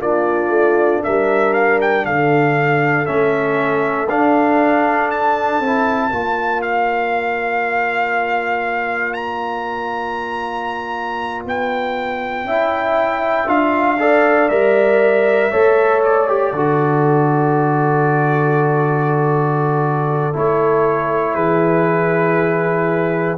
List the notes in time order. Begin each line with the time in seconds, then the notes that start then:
0.00 A#3 D4 F4 D5
0.49 A3
1.04 G3 A#4 E5
1.54 F5
1.81 G5
2.06 D3 A4 F5
3.06 A3 C#4 E5
4.09 D4 F5
5.11 A5
5.60 C4 E4
6.11 A#3 F4 D5
6.62 F5
9.14 A#5
11.46 B3 G5
12.44 C#4 E4 E5
13.47 D4 F4 F5
13.99 A4 D5
14.49 G3 A#4 E5
15.51 A3 A4 C#5
16.04 D5
16.28 G4
16.52 D3 F#4 A4
20.33 A3 E4 C#5
21.34 E3 G#4 B4